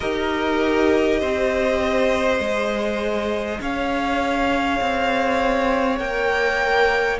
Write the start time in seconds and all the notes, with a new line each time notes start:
0.00 D#4 G4 A#4 D#5
1.19 C4 C5
2.39 G#3 G#4
3.60 C#4 C#5 F5
4.80 C4
5.98 A#3 A#4 G5